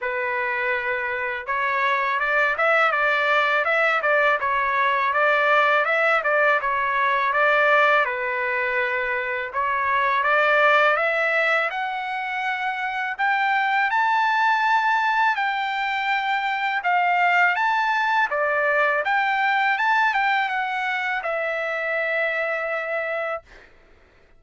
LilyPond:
\new Staff \with { instrumentName = "trumpet" } { \time 4/4 \tempo 4 = 82 b'2 cis''4 d''8 e''8 | d''4 e''8 d''8 cis''4 d''4 | e''8 d''8 cis''4 d''4 b'4~ | b'4 cis''4 d''4 e''4 |
fis''2 g''4 a''4~ | a''4 g''2 f''4 | a''4 d''4 g''4 a''8 g''8 | fis''4 e''2. | }